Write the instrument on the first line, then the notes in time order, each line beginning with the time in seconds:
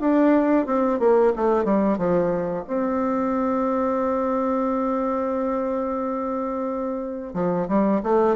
bassoon
0.00 D4
0.66 C4
0.99 A#3
1.36 A3
1.65 G3
1.98 F3
2.67 C4
7.34 F3
7.68 G3
8.03 A3